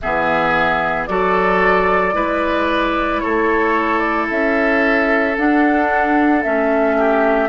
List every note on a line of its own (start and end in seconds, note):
0.01 1.08 E3
0.01 1.08 B3
0.01 1.09 G#4
0.01 1.06 E5
1.06 2.14 F#3
1.06 2.12 F#4
1.06 2.15 A4
1.06 3.20 D5
2.12 3.21 G#3
2.12 5.34 E4
2.12 3.22 B4
3.20 4.30 A3
3.20 6.97 A4
3.20 3.98 C#5
3.98 4.25 D5
4.30 5.37 C#4
4.30 5.37 E5
5.37 6.44 D4
5.37 6.43 F#5
6.43 7.48 A3
6.43 7.48 C#4
6.43 7.48 E5
6.97 7.48 G4